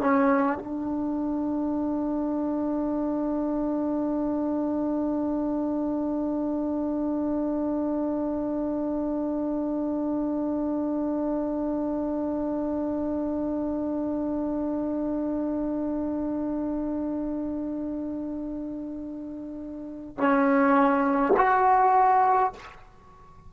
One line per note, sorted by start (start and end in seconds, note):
0.00 0.58 C#4
0.58 20.18 D4
20.18 21.33 C#4
21.37 22.53 F#4